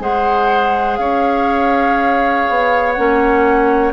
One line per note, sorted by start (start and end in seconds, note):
0.00 0.99 G#3
0.00 2.95 G#4
0.00 1.00 C5
0.00 0.97 F#5
0.97 2.46 C#4
0.97 3.93 C#5
0.97 2.93 F5
2.49 2.98 B3
2.93 3.93 A#3
2.93 3.93 C#4
2.93 3.91 F#5